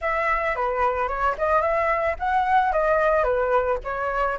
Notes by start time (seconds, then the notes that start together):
0.01 E5
0.55 B4
1.08 C#5
1.38 D#5
1.61 E5
2.19 F#5
2.72 D#5
3.23 B4
3.83 C#5